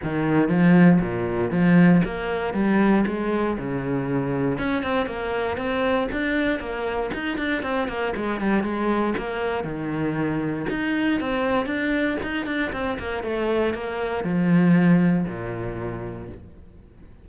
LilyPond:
\new Staff \with { instrumentName = "cello" } { \time 4/4 \tempo 4 = 118 dis4 f4 ais,4 f4 | ais4 g4 gis4 cis4~ | cis4 cis'8 c'8 ais4 c'4 | d'4 ais4 dis'8 d'8 c'8 ais8 |
gis8 g8 gis4 ais4 dis4~ | dis4 dis'4 c'4 d'4 | dis'8 d'8 c'8 ais8 a4 ais4 | f2 ais,2 | }